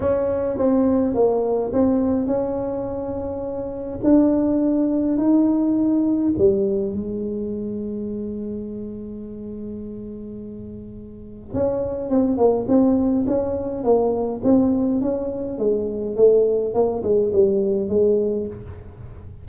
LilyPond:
\new Staff \with { instrumentName = "tuba" } { \time 4/4 \tempo 4 = 104 cis'4 c'4 ais4 c'4 | cis'2. d'4~ | d'4 dis'2 g4 | gis1~ |
gis1 | cis'4 c'8 ais8 c'4 cis'4 | ais4 c'4 cis'4 gis4 | a4 ais8 gis8 g4 gis4 | }